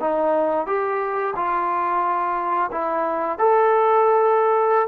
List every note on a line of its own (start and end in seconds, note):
0.00 0.67 D#4
0.67 1.34 G4
1.36 2.71 F4
2.72 3.39 E4
3.39 4.88 A4